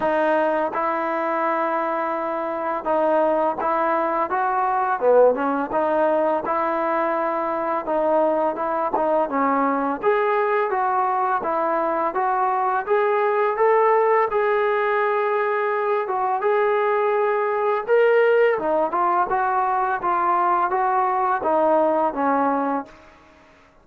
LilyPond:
\new Staff \with { instrumentName = "trombone" } { \time 4/4 \tempo 4 = 84 dis'4 e'2. | dis'4 e'4 fis'4 b8 cis'8 | dis'4 e'2 dis'4 | e'8 dis'8 cis'4 gis'4 fis'4 |
e'4 fis'4 gis'4 a'4 | gis'2~ gis'8 fis'8 gis'4~ | gis'4 ais'4 dis'8 f'8 fis'4 | f'4 fis'4 dis'4 cis'4 | }